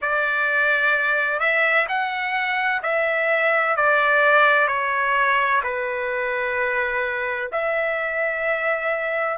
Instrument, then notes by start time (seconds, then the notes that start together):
trumpet
0.01 D5
1.39 E5
1.88 F#5
2.82 E5
3.76 D5
4.67 C#5
5.62 B4
7.52 E5